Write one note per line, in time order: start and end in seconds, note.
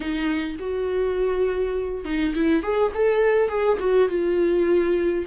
0.00 0.57 D#4
0.59 2.04 F#4
2.04 2.34 D#4
2.35 2.62 E4
2.62 2.92 G#4
2.94 3.48 A4
3.48 3.77 G#4
3.79 4.08 F#4
4.08 5.25 F4